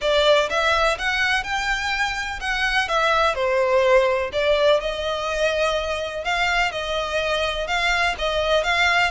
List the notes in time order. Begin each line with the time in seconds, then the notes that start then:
0.01 D5
0.49 E5
0.98 F#5
1.43 G5
2.40 F#5
2.88 E5
3.34 C5
4.32 D5
4.80 D#5
6.24 F5
6.71 D#5
7.67 F5
8.18 D#5
8.63 F5